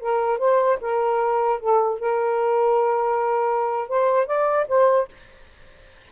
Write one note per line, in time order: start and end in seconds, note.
0.00 0.39 A#4
0.39 0.79 C5
0.81 1.60 A#4
1.60 2.00 A4
2.00 3.89 A#4
3.89 4.27 C5
4.27 4.67 D5
4.68 5.08 C5